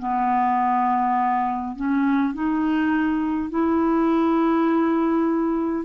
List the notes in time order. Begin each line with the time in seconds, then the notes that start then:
0.00 B3
1.76 C#4
2.34 D#4
3.50 E4